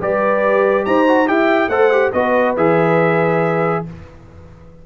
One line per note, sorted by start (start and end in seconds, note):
0.00 0.86 G3
0.00 1.07 G4
0.00 0.86 B4
0.00 0.85 D5
0.85 1.29 D#4
0.85 1.28 C5
0.85 1.28 A#5
1.07 1.26 F#4
1.26 1.68 E4
1.26 1.69 G4
1.26 1.70 E5
1.26 1.69 G5
1.68 2.11 A3
1.68 1.91 A4
1.68 2.13 C5
1.68 2.12 F#5
1.91 2.13 G4
2.12 2.56 B3
2.12 2.57 F#4
2.12 3.84 B4
2.12 2.55 D#5
2.56 3.85 E3
2.56 3.86 G#4
2.56 3.85 E5